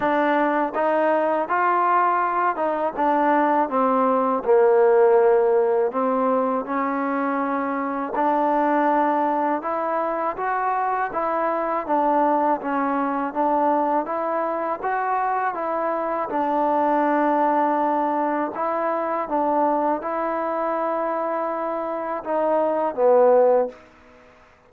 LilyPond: \new Staff \with { instrumentName = "trombone" } { \time 4/4 \tempo 4 = 81 d'4 dis'4 f'4. dis'8 | d'4 c'4 ais2 | c'4 cis'2 d'4~ | d'4 e'4 fis'4 e'4 |
d'4 cis'4 d'4 e'4 | fis'4 e'4 d'2~ | d'4 e'4 d'4 e'4~ | e'2 dis'4 b4 | }